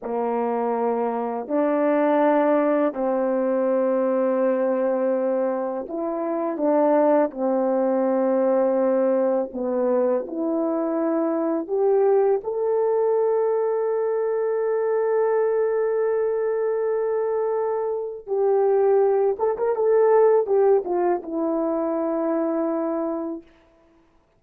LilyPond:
\new Staff \with { instrumentName = "horn" } { \time 4/4 \tempo 4 = 82 ais2 d'2 | c'1 | e'4 d'4 c'2~ | c'4 b4 e'2 |
g'4 a'2.~ | a'1~ | a'4 g'4. a'16 ais'16 a'4 | g'8 f'8 e'2. | }